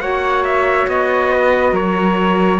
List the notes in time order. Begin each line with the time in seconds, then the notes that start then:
0.00 A#3 F#4 C#5 F#5
0.45 E5
0.87 B3 D#5
1.33 B4
1.72 F#3 A#4 C#5